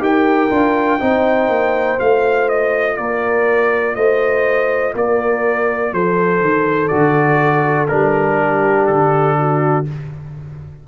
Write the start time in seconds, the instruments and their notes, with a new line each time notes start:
0.00 tuba D#4, trombone G4, horn A#4, trumpet G5
0.50 tuba D4, trombone F4
1.00 tuba C4, trombone D#4, horn C5
1.49 tuba A#3
1.99 tuba A3, trombone F4, trumpet F5
2.49 trumpet D#5
2.97 tuba A#3, horn A#4, trumpet D5
3.96 tuba A3, horn C5, trumpet D#5
4.95 tuba A#3, horn A#4, trumpet D5
5.93 tuba F3, horn A4, trumpet C5
6.41 tuba D#3
6.89 tuba D3, trombone F#4, trumpet D5
7.88 tuba G3, trombone D4, trumpet A#4
8.39 horn G4
8.87 tuba D3, trumpet A4
9.39 horn F#4